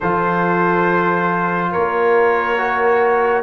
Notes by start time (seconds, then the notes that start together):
0.00 F3 F4 A4 C5
1.71 A#3 A#4 C#5
2.57 F#4